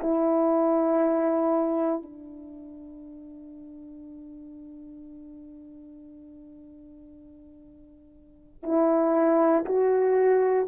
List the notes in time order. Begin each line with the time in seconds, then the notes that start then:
0.00 E4
2.02 D4
8.63 E4
9.66 F#4